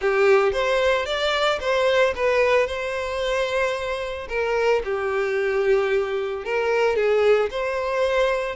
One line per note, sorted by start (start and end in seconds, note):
0.01 0.52 G4
0.52 1.05 C5
1.05 1.59 D5
1.60 2.14 C5
2.15 2.66 B4
2.66 4.27 C5
4.28 4.82 A#4
4.84 6.44 G4
6.44 6.96 A#4
6.96 7.49 G#4
7.50 8.55 C5